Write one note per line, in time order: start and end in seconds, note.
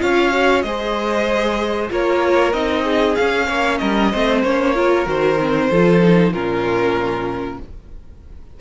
0.00 0.64 C#4
0.00 0.32 F4
0.00 0.65 C#5
0.00 0.62 F5
0.32 0.63 F#4
0.62 1.90 G#3
0.62 1.90 G#4
0.62 1.91 C5
0.62 1.89 D#5
1.90 2.54 A#3
1.90 2.53 F4
1.90 2.84 A#4
1.90 2.53 C#5
2.53 3.17 C4
2.53 3.17 D#4
2.53 3.16 D#5
2.84 3.47 G#4
3.16 3.49 C#4
3.16 4.14 C#4
3.16 3.78 F5
3.47 3.81 A#3
3.47 3.79 C#5
3.78 4.14 G3
3.78 4.12 A#4
3.78 4.42 D#5
4.12 4.44 A3
4.12 4.45 C4
4.12 4.75 C5
4.44 5.07 A#3
4.44 4.75 C#4
4.44 5.07 C#5
4.75 5.06 F4
4.75 5.71 A#4
5.06 5.70 D#3
5.06 5.37 F#4
5.06 6.33 C5
5.40 5.72 C4
5.71 6.34 F3
5.71 6.02 F4
5.71 6.33 A4
6.02 6.33 D#4
6.33 7.60 A#2
6.33 7.61 C#4
6.33 7.60 F4
6.33 7.60 A#4